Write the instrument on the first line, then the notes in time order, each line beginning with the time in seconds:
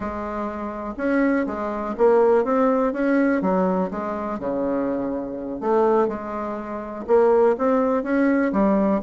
bassoon
0.00 G#3
0.97 C#4
1.46 G#3
1.97 A#3
2.44 C4
2.92 C#4
3.41 F#3
3.90 G#3
4.39 C#3
5.60 A3
6.07 G#3
7.07 A#3
7.58 C4
8.03 C#4
8.52 G3